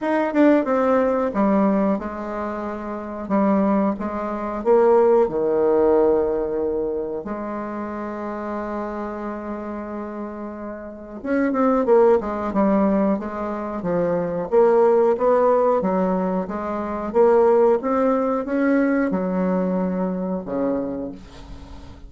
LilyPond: \new Staff \with { instrumentName = "bassoon" } { \time 4/4 \tempo 4 = 91 dis'8 d'8 c'4 g4 gis4~ | gis4 g4 gis4 ais4 | dis2. gis4~ | gis1~ |
gis4 cis'8 c'8 ais8 gis8 g4 | gis4 f4 ais4 b4 | fis4 gis4 ais4 c'4 | cis'4 fis2 cis4 | }